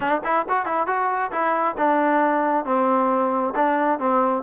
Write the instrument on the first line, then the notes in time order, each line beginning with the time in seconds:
trombone
0.00 D4
0.23 E4
0.48 F#4
0.65 E4
0.86 F#4
1.31 E4
1.77 D4
2.65 C4
3.55 D4
3.99 C4